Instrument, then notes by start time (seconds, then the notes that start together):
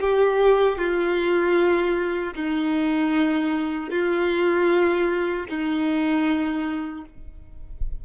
violin
0.00 G4
0.78 F4
2.34 D#4
3.90 F4
5.49 D#4